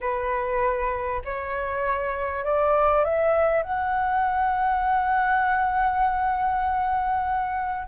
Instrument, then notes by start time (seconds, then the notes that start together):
flute
0.00 B4
1.24 C#5
2.44 D5
3.04 E5
3.62 F#5